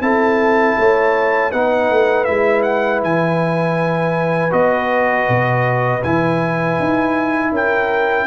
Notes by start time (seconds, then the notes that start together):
0.00 C4 E4 A4 A5
0.78 A3 C#5
1.51 B3 D#4 B4 F#5
1.90 A3
2.24 G#3 E4 E5
2.62 F#5
3.03 E3 G#5
4.50 B3 F#4 D#5
5.28 B2
6.03 E3 E4 G#5
6.79 D#4
7.51 C#4 A#4 G5